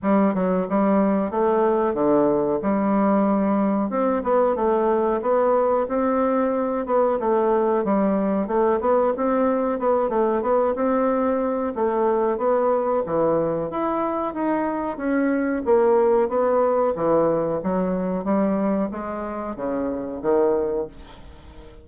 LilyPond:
\new Staff \with { instrumentName = "bassoon" } { \time 4/4 \tempo 4 = 92 g8 fis8 g4 a4 d4 | g2 c'8 b8 a4 | b4 c'4. b8 a4 | g4 a8 b8 c'4 b8 a8 |
b8 c'4. a4 b4 | e4 e'4 dis'4 cis'4 | ais4 b4 e4 fis4 | g4 gis4 cis4 dis4 | }